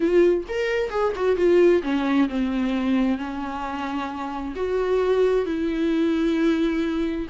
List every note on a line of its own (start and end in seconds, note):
0.00 0.44 F4
0.48 0.89 A#4
0.89 1.12 G#4
1.15 1.36 F#4
1.36 1.81 F4
1.82 2.28 C#4
2.29 3.18 C4
3.18 4.54 C#4
4.55 5.45 F#4
5.45 7.27 E4